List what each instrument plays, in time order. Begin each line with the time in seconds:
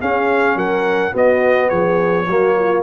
0.00 trombone C#4, tuba C#4, horn G#4, trumpet F5
0.55 tuba F#3, horn A#4, trumpet F#5
1.11 trombone B3, tuba B3, horn F#4, trumpet D#5
1.69 tuba F3, horn G#4, trumpet C#5
2.27 tuba F#3, trombone A#3, horn F#4
2.56 horn F4